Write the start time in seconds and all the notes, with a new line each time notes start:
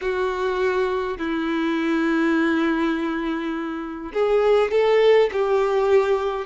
0.01 F#4
1.18 E4
4.13 G#4
4.71 A4
5.32 G4